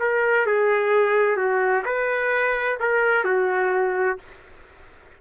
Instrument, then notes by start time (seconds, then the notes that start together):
trumpet
0.00 A#4
0.46 G#4
1.37 F#4
1.85 B4
2.80 A#4
3.25 F#4